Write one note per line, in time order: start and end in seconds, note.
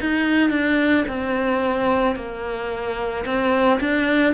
0.00 0.50 D#4
0.50 1.05 D4
1.08 2.16 C4
2.16 3.25 A#3
3.25 3.80 C4
3.80 4.33 D4